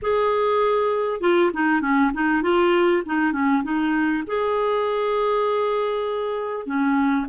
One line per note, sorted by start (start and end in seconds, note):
0.02 1.20 G#4
1.20 1.51 F4
1.53 1.81 D#4
1.81 2.11 C#4
2.13 2.42 D#4
2.42 3.03 F4
3.05 3.32 D#4
3.32 3.63 C#4
3.63 4.23 D#4
4.26 6.66 G#4
6.66 7.26 C#4